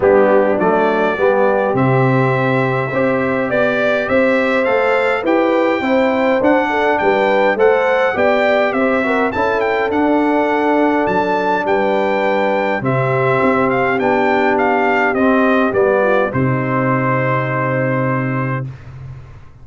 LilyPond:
<<
  \new Staff \with { instrumentName = "trumpet" } { \time 4/4 \tempo 4 = 103 g'4 d''2 e''4~ | e''2 d''4 e''4 | f''4 g''2 fis''4 | g''4 fis''4 g''4 e''4 |
a''8 g''8 fis''2 a''4 | g''2 e''4. f''8 | g''4 f''4 dis''4 d''4 | c''1 | }
  \new Staff \with { instrumentName = "horn" } { \time 4/4 d'2 g'2~ | g'4 c''4 d''4 c''4~ | c''4 b'4 c''4. a'8 | b'4 c''4 d''4 c''8 ais'8 |
a'1 | b'2 g'2~ | g'2.~ g'8 f'8 | dis'1 | }
  \new Staff \with { instrumentName = "trombone" } { \time 4/4 b4 a4 b4 c'4~ | c'4 g'2. | a'4 g'4 e'4 d'4~ | d'4 a'4 g'4. fis'8 |
e'4 d'2.~ | d'2 c'2 | d'2 c'4 b4 | c'1 | }
  \new Staff \with { instrumentName = "tuba" } { \time 4/4 g4 fis4 g4 c4~ | c4 c'4 b4 c'4 | a4 e'4 c'4 d'4 | g4 a4 b4 c'4 |
cis'4 d'2 fis4 | g2 c4 c'4 | b2 c'4 g4 | c1 | }
>>